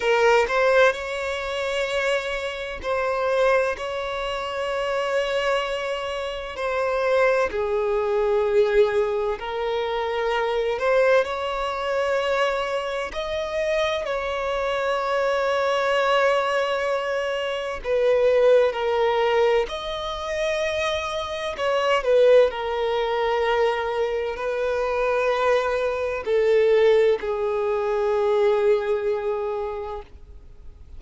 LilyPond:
\new Staff \with { instrumentName = "violin" } { \time 4/4 \tempo 4 = 64 ais'8 c''8 cis''2 c''4 | cis''2. c''4 | gis'2 ais'4. c''8 | cis''2 dis''4 cis''4~ |
cis''2. b'4 | ais'4 dis''2 cis''8 b'8 | ais'2 b'2 | a'4 gis'2. | }